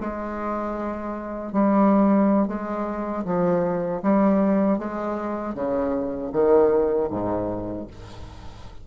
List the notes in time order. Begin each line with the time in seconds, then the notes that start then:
0.00 G#3
1.52 G3
2.47 G#3
3.24 F3
4.02 G3
4.78 G#3
5.54 C#3
6.32 D#3
7.10 G#2